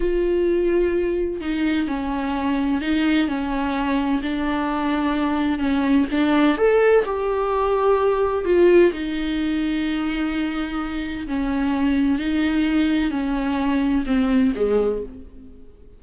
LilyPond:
\new Staff \with { instrumentName = "viola" } { \time 4/4 \tempo 4 = 128 f'2. dis'4 | cis'2 dis'4 cis'4~ | cis'4 d'2. | cis'4 d'4 a'4 g'4~ |
g'2 f'4 dis'4~ | dis'1 | cis'2 dis'2 | cis'2 c'4 gis4 | }